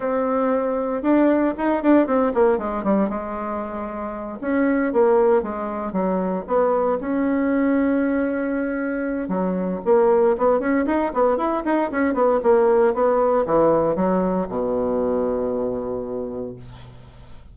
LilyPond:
\new Staff \with { instrumentName = "bassoon" } { \time 4/4 \tempo 4 = 116 c'2 d'4 dis'8 d'8 | c'8 ais8 gis8 g8 gis2~ | gis8 cis'4 ais4 gis4 fis8~ | fis8 b4 cis'2~ cis'8~ |
cis'2 fis4 ais4 | b8 cis'8 dis'8 b8 e'8 dis'8 cis'8 b8 | ais4 b4 e4 fis4 | b,1 | }